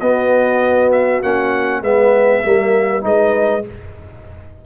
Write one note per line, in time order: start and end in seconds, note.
0.00 1.22 B3
0.00 1.82 F#4
0.00 0.91 D#5
0.92 1.22 E5
1.22 1.81 A#3
1.22 1.83 C#4
1.22 1.83 F#5
1.81 2.42 G#3
1.81 2.44 B3
1.81 2.43 B4
1.81 3.05 E5
2.43 3.04 G3
2.43 3.01 A#3
2.43 3.04 A#4
3.01 3.65 G#3
3.01 3.61 D#4
3.01 3.65 B4
3.01 3.66 D#5